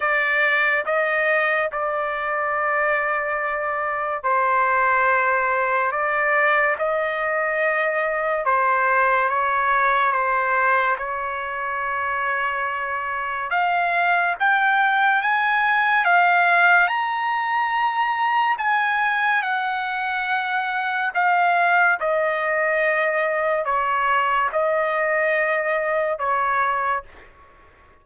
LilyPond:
\new Staff \with { instrumentName = "trumpet" } { \time 4/4 \tempo 4 = 71 d''4 dis''4 d''2~ | d''4 c''2 d''4 | dis''2 c''4 cis''4 | c''4 cis''2. |
f''4 g''4 gis''4 f''4 | ais''2 gis''4 fis''4~ | fis''4 f''4 dis''2 | cis''4 dis''2 cis''4 | }